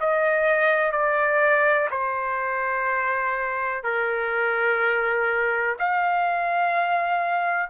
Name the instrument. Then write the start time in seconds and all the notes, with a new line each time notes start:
trumpet
0.00 D#5
0.91 D5
1.90 C5
3.83 A#4
5.78 F5